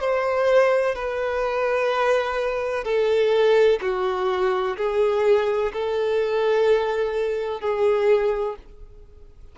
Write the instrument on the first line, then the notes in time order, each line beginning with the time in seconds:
violin
0.00 C5
0.95 B4
2.84 A4
3.81 F#4
4.77 G#4
5.73 A4
7.61 G#4